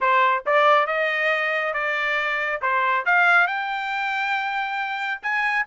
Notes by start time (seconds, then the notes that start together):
0.00 C5
0.45 D5
0.87 D#5
1.73 D5
2.61 C5
3.05 F5
3.47 G5
5.22 G#5